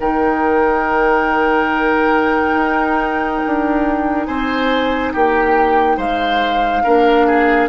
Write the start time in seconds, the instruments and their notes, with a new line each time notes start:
0.00 bassoon D#3, clarinet D#4, oboe A#4, flute G5
2.55 bassoon D#4
3.46 bassoon D4
4.25 bassoon C4, oboe C5, flute G#5
5.13 bassoon A#3, oboe G4, flute G5
5.97 bassoon G#3, oboe C5, flute F5
6.84 bassoon A#3, clarinet D4, oboe A#4
7.27 oboe G#4